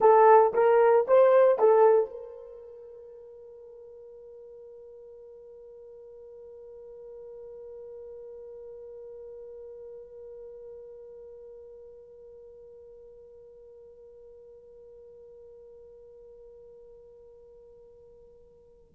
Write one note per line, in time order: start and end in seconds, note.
0.00 0.53 A4
0.53 1.06 A#4
1.07 1.58 C5
1.58 2.10 A4
2.10 18.94 A#4